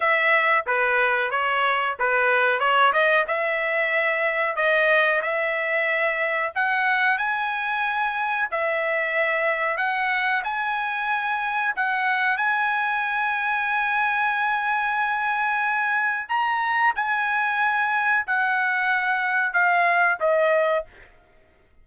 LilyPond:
\new Staff \with { instrumentName = "trumpet" } { \time 4/4 \tempo 4 = 92 e''4 b'4 cis''4 b'4 | cis''8 dis''8 e''2 dis''4 | e''2 fis''4 gis''4~ | gis''4 e''2 fis''4 |
gis''2 fis''4 gis''4~ | gis''1~ | gis''4 ais''4 gis''2 | fis''2 f''4 dis''4 | }